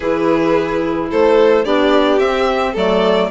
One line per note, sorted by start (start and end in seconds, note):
0.00 1.09 E3
0.00 1.65 E4
0.00 1.09 G#4
0.00 1.09 B4
1.10 1.65 A3
1.10 1.64 A4
1.10 1.64 C5
1.64 2.19 B3
1.64 2.20 D4
1.64 2.72 G4
1.64 2.19 D5
2.19 2.74 C4
2.19 2.76 C4
2.19 2.74 E5
2.72 3.30 F#3
2.72 3.30 A3
2.72 3.27 A4
2.72 3.30 D5